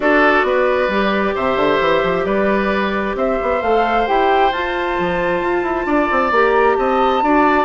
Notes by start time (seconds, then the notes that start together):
0.00 D4 F#4 A4 D5
0.43 B3 B4
0.87 G3 G4
1.34 C3 C5 E5
1.56 D3
1.80 E3
2.03 F3
2.25 G3 B4 D5
3.15 C4 C5 E5
3.42 B3
3.61 A3 A4 F5
4.06 E4 G4 G5
4.52 F4 A5
4.99 F3
5.41 F4
5.62 E4
5.86 D4 D5
6.11 C4
6.31 A#3 G4 A#5
6.76 C4 D#5 A5
7.22 D4 F#4 D5